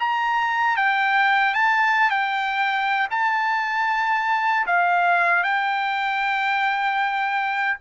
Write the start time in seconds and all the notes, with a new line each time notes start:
0.00 A#5
0.77 G5
1.54 A5
2.11 G5
3.11 A5
4.67 F5
5.44 G5